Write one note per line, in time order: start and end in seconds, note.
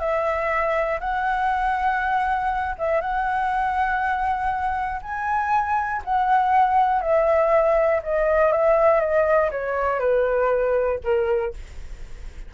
0.00 1.00 E5
1.00 2.75 F#5
2.78 3.01 E5
3.01 5.01 F#5
5.02 6.02 G#5
6.05 7.02 F#5
7.02 8.02 E5
8.03 8.52 D#5
8.52 9.00 E5
9.00 9.50 D#5
9.51 9.99 C#5
9.99 10.99 B4
11.04 11.54 A#4